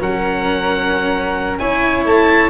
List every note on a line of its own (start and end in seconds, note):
0.00 1.60 F#3
0.00 1.59 C#4
0.00 1.60 A#4
0.00 1.58 F#5
1.58 2.05 C#4
1.58 2.50 E4
1.58 2.50 C#5
1.58 2.04 G#5
2.05 2.50 A3
2.05 2.50 A5